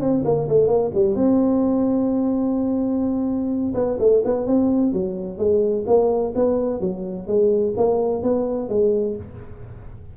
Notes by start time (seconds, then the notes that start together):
0.00 C4
0.24 A#3
0.48 A3
0.67 A#3
0.94 G3
1.15 C4
3.74 B3
3.99 A3
4.25 B3
4.46 C4
4.92 F#3
5.38 G#3
5.87 A#3
6.35 B3
6.80 F#3
7.27 G#3
7.77 A#3
8.23 B3
8.69 G#3